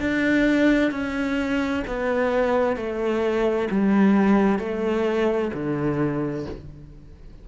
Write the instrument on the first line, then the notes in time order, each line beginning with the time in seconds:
cello
0.00 D4
0.91 C#4
1.87 B3
2.76 A3
3.71 G3
4.59 A3
5.53 D3